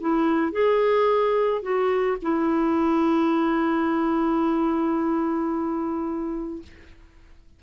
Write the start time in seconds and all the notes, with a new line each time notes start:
0.00 E4
0.52 G#4
1.62 F#4
2.22 E4